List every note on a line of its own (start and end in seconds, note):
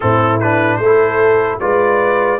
0.00 0.78 A2
0.00 0.41 C4
0.00 0.81 E4
0.00 0.38 A4
0.40 0.83 D4
0.40 0.77 B4
0.77 1.58 A3
0.77 1.60 A4
0.77 1.57 C5
0.85 1.60 E4
1.59 2.39 G#3
1.59 2.39 F4
1.59 2.39 B4
1.59 2.39 D5